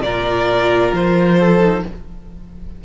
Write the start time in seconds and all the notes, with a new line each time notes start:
0.00 A#2 F4 A#4 D5
0.92 F3 C5
1.38 A4
1.59 D#4